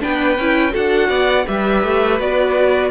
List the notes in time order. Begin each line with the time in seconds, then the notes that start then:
0.00 B3 D4 B4 G5
0.38 C#4 E4
0.71 D4 F#4 A4 F#5
1.09 B3 D5
1.46 G3 G4 B4 E5
1.84 A3
2.19 B3 F#4 D5